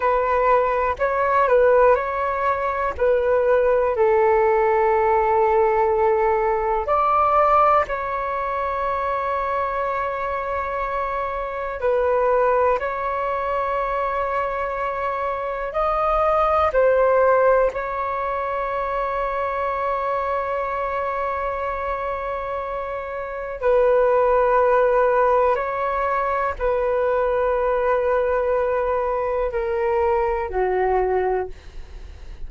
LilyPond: \new Staff \with { instrumentName = "flute" } { \time 4/4 \tempo 4 = 61 b'4 cis''8 b'8 cis''4 b'4 | a'2. d''4 | cis''1 | b'4 cis''2. |
dis''4 c''4 cis''2~ | cis''1 | b'2 cis''4 b'4~ | b'2 ais'4 fis'4 | }